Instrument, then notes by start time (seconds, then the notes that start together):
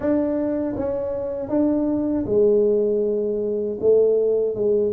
tuba
0.00 D4
0.76 C#4
1.48 D4
2.26 G#3
3.80 A3
4.55 G#3